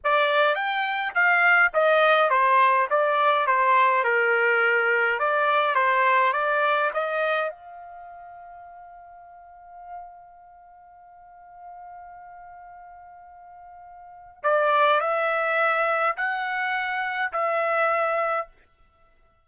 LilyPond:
\new Staff \with { instrumentName = "trumpet" } { \time 4/4 \tempo 4 = 104 d''4 g''4 f''4 dis''4 | c''4 d''4 c''4 ais'4~ | ais'4 d''4 c''4 d''4 | dis''4 f''2.~ |
f''1~ | f''1~ | f''4 d''4 e''2 | fis''2 e''2 | }